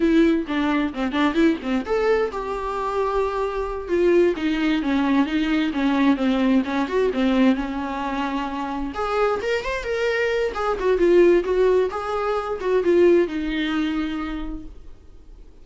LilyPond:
\new Staff \with { instrumentName = "viola" } { \time 4/4 \tempo 4 = 131 e'4 d'4 c'8 d'8 e'8 c'8 | a'4 g'2.~ | g'8 f'4 dis'4 cis'4 dis'8~ | dis'8 cis'4 c'4 cis'8 fis'8 c'8~ |
c'8 cis'2. gis'8~ | gis'8 ais'8 c''8 ais'4. gis'8 fis'8 | f'4 fis'4 gis'4. fis'8 | f'4 dis'2. | }